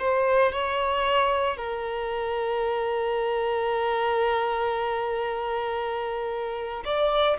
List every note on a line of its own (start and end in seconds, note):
0.00 0.53 C5
0.53 1.58 C#5
1.58 6.84 A#4
6.85 7.38 D5